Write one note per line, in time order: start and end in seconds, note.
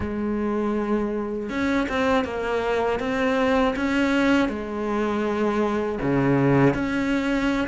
0.00 1.49 G#3
1.49 1.87 C#4
1.88 2.24 C4
2.24 2.99 A#3
2.99 3.74 C4
3.76 4.49 C#4
4.49 5.99 G#3
6.01 6.74 C#3
6.74 7.67 C#4